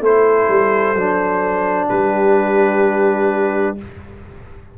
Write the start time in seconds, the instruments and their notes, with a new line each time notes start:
0.00 tuba A3, trombone E4, horn A4, trumpet C5
0.48 tuba G3
0.94 tuba F#3, trombone D4
1.89 tuba G3, horn G4, trumpet B4